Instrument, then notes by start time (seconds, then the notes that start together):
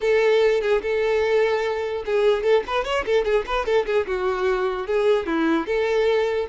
violin
0.01 A4
0.61 G#4
0.82 A4
2.05 G#4
2.43 A4
2.66 B4
2.84 C#5
3.05 A4
3.25 G#4
3.46 B4
3.65 A4
3.86 G#4
4.07 F#4
4.86 G#4
5.26 E4
5.66 A4